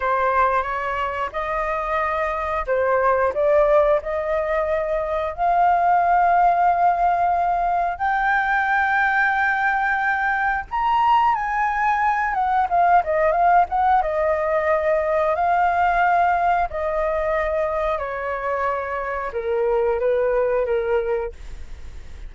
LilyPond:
\new Staff \with { instrumentName = "flute" } { \time 4/4 \tempo 4 = 90 c''4 cis''4 dis''2 | c''4 d''4 dis''2 | f''1 | g''1 |
ais''4 gis''4. fis''8 f''8 dis''8 | f''8 fis''8 dis''2 f''4~ | f''4 dis''2 cis''4~ | cis''4 ais'4 b'4 ais'4 | }